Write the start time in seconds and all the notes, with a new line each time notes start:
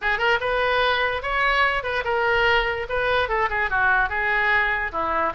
0.01 G#4
0.18 A#4
0.40 B4
1.22 C#5
1.83 B4
2.04 A#4
2.89 B4
3.28 A4
3.49 G#4
3.69 F#4
4.09 G#4
4.92 E4